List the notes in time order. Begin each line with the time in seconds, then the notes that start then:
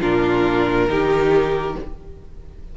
0.00 A#2 D4 F4 A#4
0.88 D#3 D#4 G4